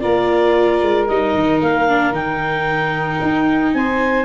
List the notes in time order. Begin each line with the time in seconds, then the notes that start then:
0.00 A#3 F4 A#4 D5
0.82 G#3
1.07 G3 D#4 D#5
1.35 D#3
1.61 A#3 F5
1.88 D4
2.12 D#3 D#4 G5
3.22 D#4
3.74 C4 C5 G#5